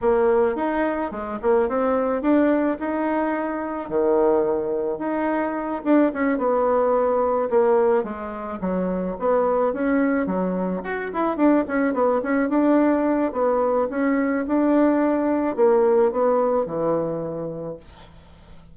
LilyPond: \new Staff \with { instrumentName = "bassoon" } { \time 4/4 \tempo 4 = 108 ais4 dis'4 gis8 ais8 c'4 | d'4 dis'2 dis4~ | dis4 dis'4. d'8 cis'8 b8~ | b4. ais4 gis4 fis8~ |
fis8 b4 cis'4 fis4 fis'8 | e'8 d'8 cis'8 b8 cis'8 d'4. | b4 cis'4 d'2 | ais4 b4 e2 | }